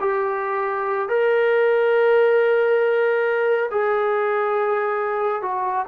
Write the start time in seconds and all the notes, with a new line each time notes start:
0.00 G4
1.09 A#4
3.70 G#4
5.42 F#4